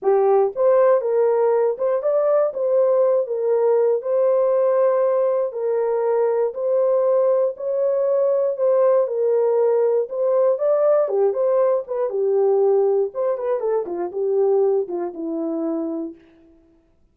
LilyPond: \new Staff \with { instrumentName = "horn" } { \time 4/4 \tempo 4 = 119 g'4 c''4 ais'4. c''8 | d''4 c''4. ais'4. | c''2. ais'4~ | ais'4 c''2 cis''4~ |
cis''4 c''4 ais'2 | c''4 d''4 g'8 c''4 b'8 | g'2 c''8 b'8 a'8 f'8 | g'4. f'8 e'2 | }